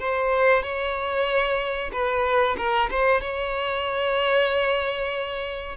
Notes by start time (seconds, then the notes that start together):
0.00 C5
0.63 C#5
1.93 B4
2.58 A#4
2.91 C5
3.21 C#5